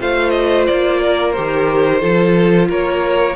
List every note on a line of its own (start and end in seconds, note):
0.00 0.69 A3
0.00 1.35 F4
0.00 1.00 C5
0.00 0.30 F5
0.30 0.64 D#5
0.67 1.37 A#3
0.67 1.33 D5
1.00 2.01 A#4
1.33 2.03 D#3
1.33 2.00 G4
1.33 2.68 C5
2.00 2.70 F3
2.00 3.35 F4
2.00 2.68 A4
2.69 3.36 A#3
2.69 3.36 A#4
2.69 3.36 C#5